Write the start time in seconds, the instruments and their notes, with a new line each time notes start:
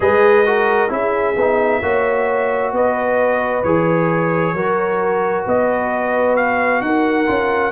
0.00 tuba G#3, trombone G#4, horn B4, trumpet D#5
0.46 trombone F#4, horn A#4
0.88 tuba C#4, trombone E4, horn G#4, trumpet E5
1.36 tuba B3, trombone D#4
1.81 tuba A#3, trombone F#4, horn C#5
2.72 tuba B3, horn B4, trumpet D#5
3.63 tuba E3, trombone G#4, trumpet C#5
4.53 tuba F#3, trombone F#4, horn A#4
5.44 tuba B3, horn B4, trumpet D#5
6.36 trumpet F5
6.81 tuba D#4, horn A#4, trumpet F#5
7.26 tuba C#4, trombone F4